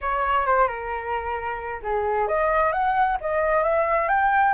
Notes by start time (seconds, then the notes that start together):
0.01 C#5
0.45 C5
0.67 A#4
1.82 G#4
2.27 D#5
2.72 F#5
3.20 D#5
3.63 E5
4.08 G5